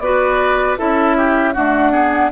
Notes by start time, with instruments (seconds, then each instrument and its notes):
0.00 bassoon B3, clarinet F#4, oboe B4, flute D5
0.78 bassoon C#4, clarinet E4, oboe A4, flute E5
1.18 oboe G4
1.53 clarinet A3, bassoon D4, oboe F#4, flute F#5
1.92 clarinet B3, oboe G#4